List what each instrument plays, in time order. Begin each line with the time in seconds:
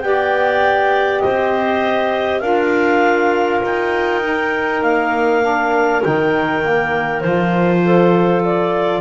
0.00 double bass B3, saxophone G4, clarinet D5 G5
1.20 double bass C4, clarinet C5 D#5
2.39 double bass D4, saxophone F4, clarinet A#4 F5
3.62 double bass D#4, clarinet G5
4.22 saxophone D#4
4.82 double bass A#3, clarinet F5
5.42 saxophone D4
6.02 double bass D#3, saxophone D#4, clarinet G5
6.62 saxophone A#3
7.21 double bass F3, saxophone F4, clarinet C5
7.84 clarinet A4
8.44 clarinet D5